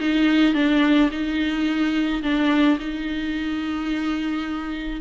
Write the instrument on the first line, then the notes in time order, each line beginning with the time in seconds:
viola
0.00 D#4
0.54 D4
1.11 D#4
2.23 D4
2.80 D#4